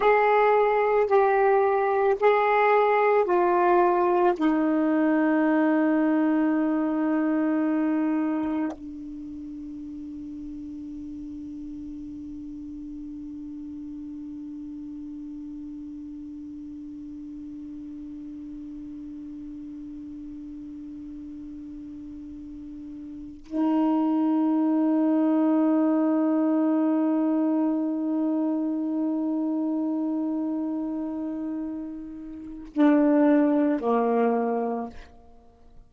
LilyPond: \new Staff \with { instrumentName = "saxophone" } { \time 4/4 \tempo 4 = 55 gis'4 g'4 gis'4 f'4 | dis'1 | d'1~ | d'1~ |
d'1~ | d'4. dis'2~ dis'8~ | dis'1~ | dis'2 d'4 ais4 | }